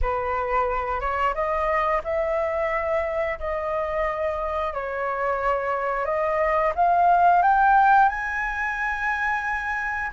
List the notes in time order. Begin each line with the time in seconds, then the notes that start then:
0.01 B4
1.00 C#5
1.34 D#5
2.03 E5
3.39 D#5
4.73 C#5
6.05 D#5
6.75 F5
7.42 G5
8.08 G#5